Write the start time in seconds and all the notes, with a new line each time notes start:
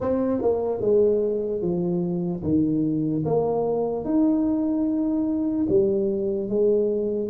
0.00 C4
0.41 A#3
0.81 G#3
1.61 F3
2.43 D#3
3.25 A#3
4.04 D#4
5.69 G3
6.49 G#3